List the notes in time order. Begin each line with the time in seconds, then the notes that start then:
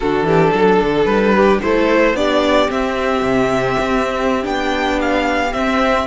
0.00 D3 D4 F#4 A4
0.23 E3 G4
0.53 F#3 A4
0.81 D3
1.05 G3 B4
1.35 G4
1.61 A3 E4 A4 C5
2.13 B3 D4 G4 D5
2.69 C4 E5
3.22 C3
3.79 C4
4.42 B3 D4 G5
5.01 F5
5.53 C4 E5